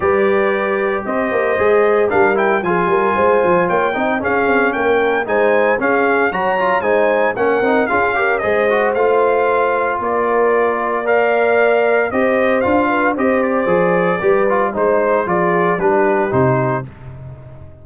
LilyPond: <<
  \new Staff \with { instrumentName = "trumpet" } { \time 4/4 \tempo 4 = 114 d''2 dis''2 | f''8 g''8 gis''2 g''4 | f''4 g''4 gis''4 f''4 | ais''4 gis''4 fis''4 f''4 |
dis''4 f''2 d''4~ | d''4 f''2 dis''4 | f''4 dis''8 d''2~ d''8 | c''4 d''4 b'4 c''4 | }
  \new Staff \with { instrumentName = "horn" } { \time 4/4 b'2 c''2 | ais'4 gis'8 ais'8 c''4 cis''8 dis''8 | gis'4 ais'4 c''4 gis'4 | cis''4 c''4 ais'4 gis'8 ais'8 |
c''2. ais'4~ | ais'4 d''2 c''4~ | c''8 b'8 c''2 b'4 | c''4 gis'4 g'2 | }
  \new Staff \with { instrumentName = "trombone" } { \time 4/4 g'2. gis'4 | d'8 e'8 f'2~ f'8 dis'8 | cis'2 dis'4 cis'4 | fis'8 f'8 dis'4 cis'8 dis'8 f'8 g'8 |
gis'8 fis'8 f'2.~ | f'4 ais'2 g'4 | f'4 g'4 gis'4 g'8 f'8 | dis'4 f'4 d'4 dis'4 | }
  \new Staff \with { instrumentName = "tuba" } { \time 4/4 g2 c'8 ais8 gis4 | g4 f8 g8 gis8 f8 ais8 c'8 | cis'8 c'8 ais4 gis4 cis'4 | fis4 gis4 ais8 c'8 cis'4 |
gis4 a2 ais4~ | ais2. c'4 | d'4 c'4 f4 g4 | gis4 f4 g4 c4 | }
>>